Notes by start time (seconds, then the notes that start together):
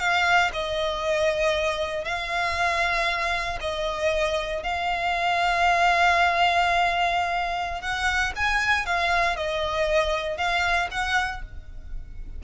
0.00 F5
0.53 D#5
2.05 F5
3.61 D#5
4.63 F5
7.82 F#5
8.36 G#5
8.86 F5
9.37 D#5
10.38 F5
10.92 F#5